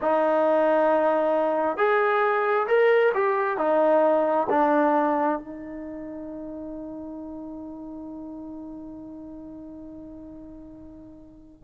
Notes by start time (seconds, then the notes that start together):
0.01 D#4
1.77 G#4
2.67 A#4
3.14 G4
3.57 D#4
4.49 D4
5.39 D#4